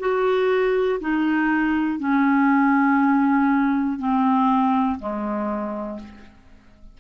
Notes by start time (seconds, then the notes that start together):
0.00 F#4
1.00 D#4
2.00 C#4
3.99 C4
4.99 G#3